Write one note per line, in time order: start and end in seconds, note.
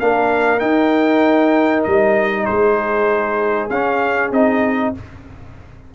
0.00 0.61 A#3
0.00 0.60 D4
0.00 2.46 A#4
0.00 0.60 F5
0.60 3.69 D#4
0.60 1.85 D#4
0.60 1.83 G5
1.84 2.48 G3
1.84 2.45 D#5
2.45 3.70 G#3
2.45 4.94 G#4
2.45 3.69 C5
3.70 4.31 C#4
3.70 4.33 C#4
3.70 4.32 F5
4.31 4.93 C4
4.31 4.95 D#4
4.31 4.95 D#5